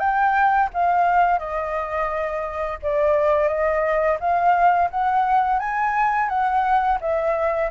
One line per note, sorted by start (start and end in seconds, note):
0.00 0.70 G5
0.74 1.39 F5
1.39 2.79 D#5
2.83 3.48 D5
3.48 4.18 D#5
4.20 4.90 F5
4.91 5.59 F#5
5.59 6.29 G#5
6.29 6.99 F#5
7.01 7.71 E5